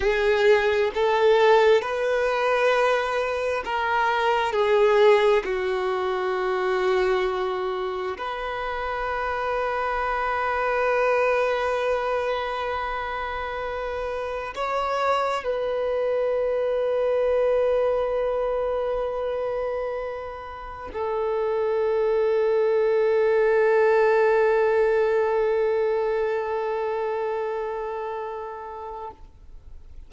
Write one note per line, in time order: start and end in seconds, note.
0.00 0.91 G#4
0.94 1.81 A4
1.81 3.63 B4
3.64 4.52 A#4
4.52 5.43 G#4
5.44 8.17 F#4
8.17 14.53 B4
14.55 15.44 C#5
15.44 20.89 B4
20.93 29.11 A4